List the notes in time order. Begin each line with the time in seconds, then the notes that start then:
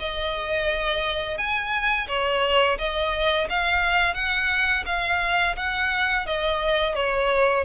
0.00 D#5
1.38 G#5
2.08 C#5
2.79 D#5
3.50 F5
4.15 F#5
4.86 F5
5.57 F#5
6.27 D#5
6.95 C#5